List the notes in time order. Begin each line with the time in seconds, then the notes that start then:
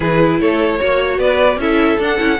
0.00 E3 E4 G#4 B4
0.40 A3 A4 C#5
0.79 A#3 F#4 C#5
1.18 B3 B4 D5
1.57 C#4 E4 A4 E5
1.98 D4 F#5
2.18 C#4 E4